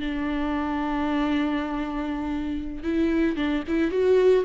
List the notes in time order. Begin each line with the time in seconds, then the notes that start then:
0.00 D4
2.84 E4
3.36 D4
3.68 E4
3.91 F#4